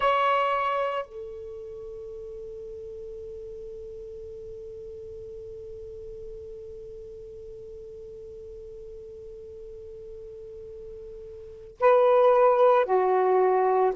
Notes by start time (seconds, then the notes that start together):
0.00 C#5
1.05 A4
11.80 B4
12.85 F#4